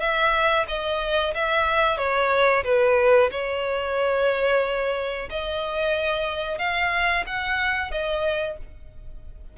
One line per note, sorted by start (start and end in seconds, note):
0.00 0.66 E5
0.68 1.34 D#5
1.34 1.98 E5
1.98 2.63 C#5
2.64 3.30 B4
3.31 5.29 C#5
5.29 6.58 D#5
6.58 7.24 F5
7.26 7.91 F#5
7.91 8.57 D#5